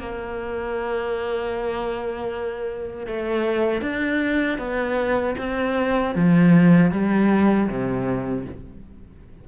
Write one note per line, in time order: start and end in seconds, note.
0.00 3.07 A#3
3.07 3.82 A3
3.82 4.59 D4
4.59 5.36 B3
5.38 6.15 C4
6.16 6.92 F3
6.92 7.69 G3
7.69 8.46 C3